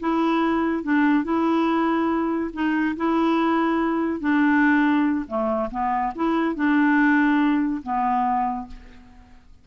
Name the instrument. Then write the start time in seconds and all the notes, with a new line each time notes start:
clarinet
0.00 E4
0.83 D4
1.24 E4
2.53 D#4
2.96 E4
4.20 D4
5.28 A3
5.71 B3
6.15 E4
6.55 D4
7.83 B3